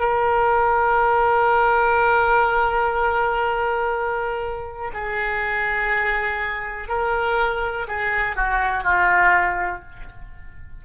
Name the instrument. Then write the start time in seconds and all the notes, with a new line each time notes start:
oboe
0.00 A#4
4.94 G#4
6.89 A#4
7.88 G#4
8.37 F#4
8.83 F4